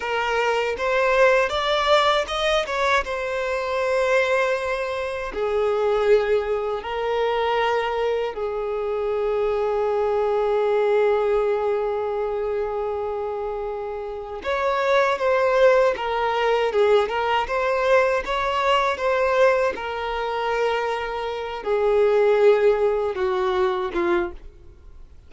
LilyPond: \new Staff \with { instrumentName = "violin" } { \time 4/4 \tempo 4 = 79 ais'4 c''4 d''4 dis''8 cis''8 | c''2. gis'4~ | gis'4 ais'2 gis'4~ | gis'1~ |
gis'2. cis''4 | c''4 ais'4 gis'8 ais'8 c''4 | cis''4 c''4 ais'2~ | ais'8 gis'2 fis'4 f'8 | }